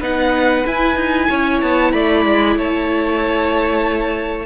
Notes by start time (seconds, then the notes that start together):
0.00 B3 D#4 B4 F#5
0.64 E4 G#5
0.95 D#4
1.29 C#4 C#5
1.61 B3 A5
1.92 A3 D5 B5
2.25 G#3
2.56 A3 C#5 A5